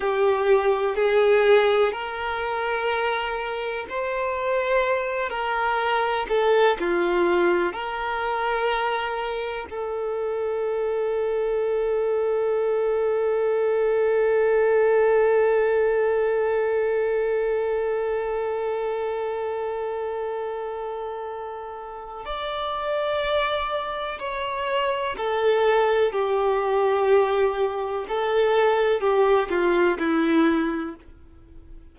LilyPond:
\new Staff \with { instrumentName = "violin" } { \time 4/4 \tempo 4 = 62 g'4 gis'4 ais'2 | c''4. ais'4 a'8 f'4 | ais'2 a'2~ | a'1~ |
a'1~ | a'2. d''4~ | d''4 cis''4 a'4 g'4~ | g'4 a'4 g'8 f'8 e'4 | }